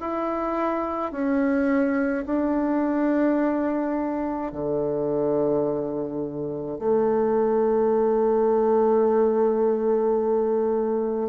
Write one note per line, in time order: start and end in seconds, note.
0.00 1.12 E4
1.12 2.25 C#4
2.25 4.52 D4
4.52 6.78 D3
6.78 11.28 A3